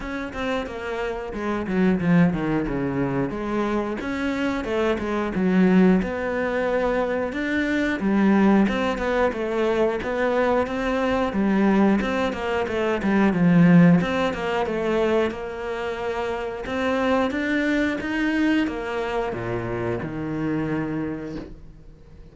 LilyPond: \new Staff \with { instrumentName = "cello" } { \time 4/4 \tempo 4 = 90 cis'8 c'8 ais4 gis8 fis8 f8 dis8 | cis4 gis4 cis'4 a8 gis8 | fis4 b2 d'4 | g4 c'8 b8 a4 b4 |
c'4 g4 c'8 ais8 a8 g8 | f4 c'8 ais8 a4 ais4~ | ais4 c'4 d'4 dis'4 | ais4 ais,4 dis2 | }